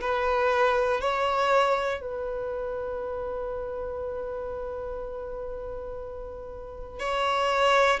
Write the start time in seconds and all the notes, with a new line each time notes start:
0.00 B4
1.00 C#5
2.00 B4
7.00 C#5